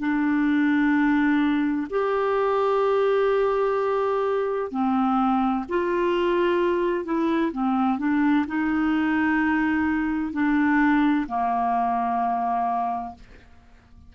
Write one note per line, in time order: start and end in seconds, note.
0.00 1.87 D4
1.90 4.71 G4
4.71 5.65 C4
5.69 7.05 F4
7.05 7.52 E4
7.52 7.99 C4
7.99 8.46 D4
8.48 10.33 D#4
10.33 11.27 D4
11.28 13.15 A#3